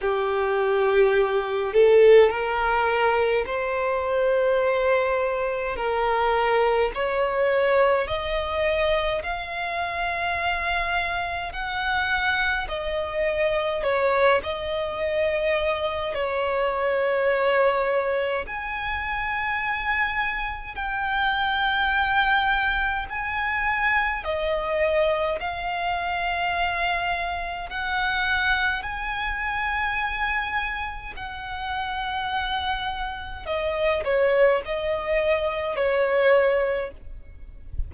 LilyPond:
\new Staff \with { instrumentName = "violin" } { \time 4/4 \tempo 4 = 52 g'4. a'8 ais'4 c''4~ | c''4 ais'4 cis''4 dis''4 | f''2 fis''4 dis''4 | cis''8 dis''4. cis''2 |
gis''2 g''2 | gis''4 dis''4 f''2 | fis''4 gis''2 fis''4~ | fis''4 dis''8 cis''8 dis''4 cis''4 | }